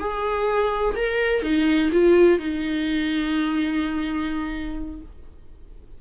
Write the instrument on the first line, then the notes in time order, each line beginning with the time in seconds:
viola
0.00 G#4
0.96 A#4
1.43 D#4
1.92 F4
2.39 D#4